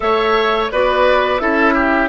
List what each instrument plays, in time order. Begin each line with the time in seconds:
0.00 bassoon A3, clarinet A4, oboe C#5, flute E5
0.71 bassoon B3, clarinet F#4, oboe B4, flute D5
1.39 bassoon C#4, clarinet E4, oboe A4, flute E5
1.73 oboe G4